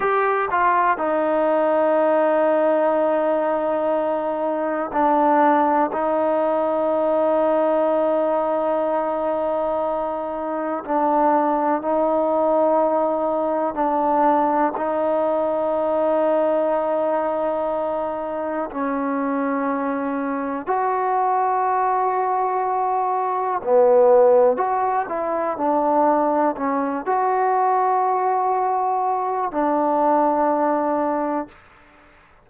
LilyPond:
\new Staff \with { instrumentName = "trombone" } { \time 4/4 \tempo 4 = 61 g'8 f'8 dis'2.~ | dis'4 d'4 dis'2~ | dis'2. d'4 | dis'2 d'4 dis'4~ |
dis'2. cis'4~ | cis'4 fis'2. | b4 fis'8 e'8 d'4 cis'8 fis'8~ | fis'2 d'2 | }